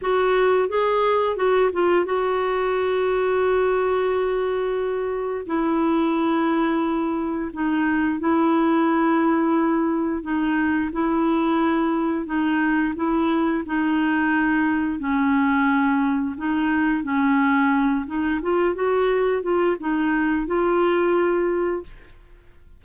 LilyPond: \new Staff \with { instrumentName = "clarinet" } { \time 4/4 \tempo 4 = 88 fis'4 gis'4 fis'8 f'8 fis'4~ | fis'1 | e'2. dis'4 | e'2. dis'4 |
e'2 dis'4 e'4 | dis'2 cis'2 | dis'4 cis'4. dis'8 f'8 fis'8~ | fis'8 f'8 dis'4 f'2 | }